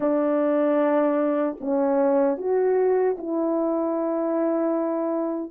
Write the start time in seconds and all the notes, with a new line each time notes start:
0.00 D4
1.60 C#4
2.37 F#4
3.18 E4